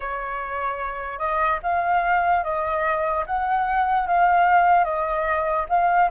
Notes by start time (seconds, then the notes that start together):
0.00 C#5
1.18 D#5
1.63 F5
2.43 D#5
3.26 F#5
4.07 F5
4.84 D#5
5.69 F5